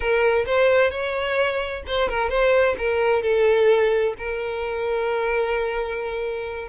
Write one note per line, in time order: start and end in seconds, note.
0.00 0.45 A#4
0.46 0.90 C5
0.90 1.83 C#5
1.87 2.08 C5
2.08 2.29 A#4
2.29 2.75 C5
2.77 3.22 A#4
3.22 4.14 A4
4.18 6.68 A#4